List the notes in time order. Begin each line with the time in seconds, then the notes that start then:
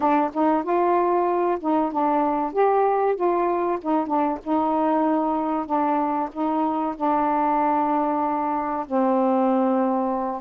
0.00 D4
0.33 D#4
0.63 F4
1.60 D#4
1.92 D4
2.52 G4
3.16 F4
3.81 D#4
4.07 D4
4.43 D#4
5.66 D4
6.32 D#4
6.96 D4
8.86 C4